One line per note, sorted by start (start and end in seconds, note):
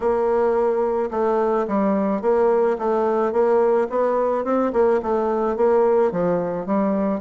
0.00 1.10 A#3
1.10 1.66 A3
1.67 2.21 G3
2.21 2.77 A#3
2.78 3.32 A3
3.32 3.87 A#3
3.89 4.44 B3
4.44 4.72 C4
4.72 5.00 A#3
5.02 5.56 A3
5.56 6.11 A#3
6.11 6.66 F3
6.66 7.20 G3